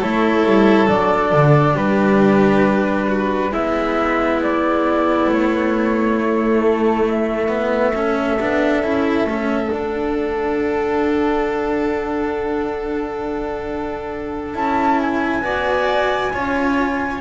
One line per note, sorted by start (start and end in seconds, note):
0.00 0.45 A3
0.00 0.87 E4
0.00 1.74 A4
0.00 0.90 C#5
0.45 0.89 G3
0.87 1.33 F#3
0.87 3.52 D4
0.87 1.77 D5
1.33 1.75 D3
1.74 3.51 G3
1.74 3.06 G4
1.74 3.53 B4
3.09 3.52 F#4
3.51 5.28 G#3
3.51 6.19 B3
3.51 7.93 E4
3.51 4.42 E5
4.43 5.31 D5
5.28 8.37 A3
5.28 6.62 C#5
6.19 7.49 A3
6.62 7.06 A4
7.08 9.73 E5
7.49 7.93 B3
7.95 8.40 C#4
7.95 15.44 A4
8.40 8.81 B3
8.40 8.84 D4
8.81 9.25 C#4
8.81 9.28 E4
9.25 9.69 A3
9.25 9.70 C#4
9.70 14.54 D4
9.70 14.55 D4
9.70 14.56 F#5
14.54 15.42 C#4
14.54 15.42 E4
14.54 15.00 A5
15.01 17.21 G#5
15.42 16.30 B3
15.42 16.31 F#4
15.42 16.33 D5
16.33 17.21 C#4
16.33 17.21 F4
16.33 17.21 C#5